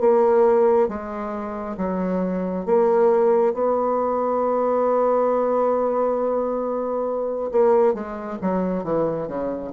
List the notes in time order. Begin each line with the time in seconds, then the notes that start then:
0.00 A#3
0.88 G#3
1.77 F#3
2.66 A#3
3.54 B3
7.52 A#3
7.94 G#3
8.41 F#3
8.83 E3
9.27 C#3